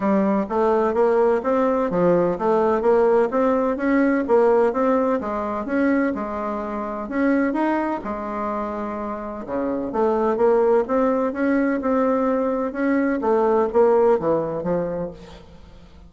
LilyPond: \new Staff \with { instrumentName = "bassoon" } { \time 4/4 \tempo 4 = 127 g4 a4 ais4 c'4 | f4 a4 ais4 c'4 | cis'4 ais4 c'4 gis4 | cis'4 gis2 cis'4 |
dis'4 gis2. | cis4 a4 ais4 c'4 | cis'4 c'2 cis'4 | a4 ais4 e4 f4 | }